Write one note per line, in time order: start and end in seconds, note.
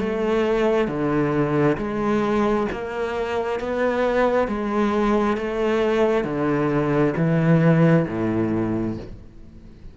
0.00 0.88 A3
0.88 1.77 D3
1.78 2.67 G#3
2.72 3.60 A#3
3.60 4.48 B3
4.48 5.37 G#3
5.37 6.24 A3
6.24 7.14 D3
7.17 8.07 E3
8.08 8.98 A2